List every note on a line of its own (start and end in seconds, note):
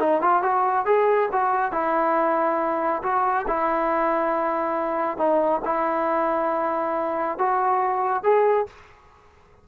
0.00 0.22 D#4
0.22 0.42 F4
0.42 0.86 F#4
0.86 1.29 G#4
1.32 1.72 F#4
1.72 3.03 E4
3.03 3.46 F#4
3.48 5.18 E4
5.18 5.61 D#4
5.65 7.39 E4
7.39 8.24 F#4
8.24 8.67 G#4